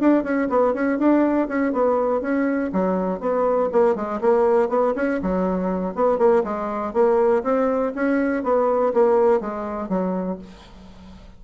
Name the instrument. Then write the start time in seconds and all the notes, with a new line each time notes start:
bassoon
0.00 D4
0.24 C#4
0.50 B3
0.74 C#4
0.99 D4
1.48 C#4
1.73 B3
2.22 C#4
2.73 F#3
3.20 B3
3.72 A#3
3.96 G#3
4.21 A#3
4.69 B3
4.96 C#4
5.22 F#3
5.95 B3
6.18 A#3
6.44 G#3
6.94 A#3
7.44 C4
7.95 C#4
8.44 B3
8.94 A#3
9.41 G#3
9.89 F#3